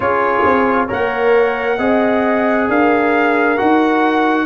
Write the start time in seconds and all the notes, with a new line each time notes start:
0.00 C#4 F4 G#4 C#5
0.44 C4
0.86 A#3 A#4 C#5 F#5
1.78 C4 G#4 D#5
2.68 D4 A#4 F5
3.57 D#4 F#4 F#5